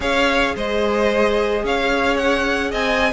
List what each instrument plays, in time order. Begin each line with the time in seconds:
0.00 cello C#4, viola G#4, violin C#5 F5
0.55 cello G#3, violin C5 D#5
1.63 cello C#4, violin C#5 F5
2.16 violin F#5
2.71 cello C4, violin D#5 G#5